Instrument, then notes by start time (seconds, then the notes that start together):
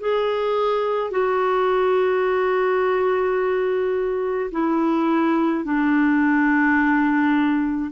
clarinet
0.00 G#4
1.11 F#4
4.51 E4
5.64 D4